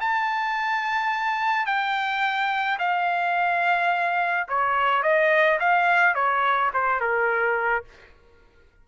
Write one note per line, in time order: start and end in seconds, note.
0.00 1.66 A5
1.66 2.78 G5
2.79 4.47 F5
4.48 5.03 C#5
5.03 5.59 D#5
5.59 6.15 F5
6.15 6.71 C#5
6.73 7.00 C5
7.00 7.84 A#4